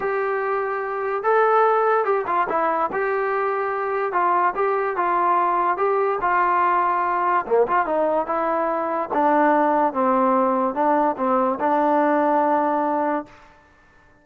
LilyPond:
\new Staff \with { instrumentName = "trombone" } { \time 4/4 \tempo 4 = 145 g'2. a'4~ | a'4 g'8 f'8 e'4 g'4~ | g'2 f'4 g'4 | f'2 g'4 f'4~ |
f'2 ais8 f'8 dis'4 | e'2 d'2 | c'2 d'4 c'4 | d'1 | }